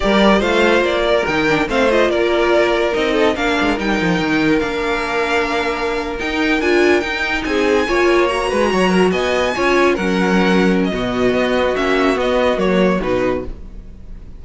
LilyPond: <<
  \new Staff \with { instrumentName = "violin" } { \time 4/4 \tempo 4 = 143 d''4 f''4 d''4 g''4 | f''8 dis''8 d''2 dis''4 | f''4 g''2 f''4~ | f''2~ f''8. g''4 gis''16~ |
gis''8. g''4 gis''2 ais''16~ | ais''4.~ ais''16 gis''2 fis''16~ | fis''4.~ fis''16 dis''2~ dis''16 | e''4 dis''4 cis''4 b'4 | }
  \new Staff \with { instrumentName = "violin" } { \time 4/4 ais'4 c''4. ais'4. | c''4 ais'2~ ais'8 a'8 | ais'1~ | ais'1~ |
ais'4.~ ais'16 gis'4 cis''4~ cis''16~ | cis''16 b'8 cis''8 ais'8 dis''4 cis''4 ais'16~ | ais'2 fis'2~ | fis'1 | }
  \new Staff \with { instrumentName = "viola" } { \time 4/4 g'4 f'2 dis'8 d'8 | c'8 f'2~ f'8 dis'4 | d'4 dis'2 d'4~ | d'2~ d'8. dis'4 f'16~ |
f'8. dis'2 f'4 fis'16~ | fis'2~ fis'8. f'4 cis'16~ | cis'2 b2 | cis'4 b4 ais4 dis'4 | }
  \new Staff \with { instrumentName = "cello" } { \time 4/4 g4 a4 ais4 dis4 | a4 ais2 c'4 | ais8 gis8 g8 f8 dis4 ais4~ | ais2~ ais8. dis'4 d'16~ |
d'8. dis'4 c'4 ais4~ ais16~ | ais16 gis8 fis4 b4 cis'4 fis16~ | fis2 b,4 b4 | ais4 b4 fis4 b,4 | }
>>